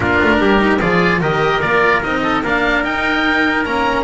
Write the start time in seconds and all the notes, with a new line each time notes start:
0.00 A#3 D4 F4 A#4
0.23 A3
0.39 G3 G4
0.58 D#4
0.79 F3 F4 G#4 D5
1.20 D#3 G4 A#4 D#5
1.61 A#3 F4 D5
2.02 C4 D#4 D#5
2.22 A4
2.43 A#3 D4 A#4 F5
2.84 D#4 G5
3.64 A#3 C#4 A#5